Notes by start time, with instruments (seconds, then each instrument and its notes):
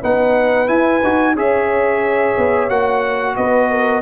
0.00 tuba B3, trombone D#4, horn B4, trumpet F#5
0.67 trombone E4, tuba E4, trumpet G#5
1.03 tuba D#4, trombone F#4
1.35 tuba C#4, trombone G#4, horn C#5, trumpet E5
2.37 tuba B3
2.69 tuba A#3, trombone F#4, trumpet F#5
3.36 tuba B3, horn B4, trumpet D#5
3.70 horn A#4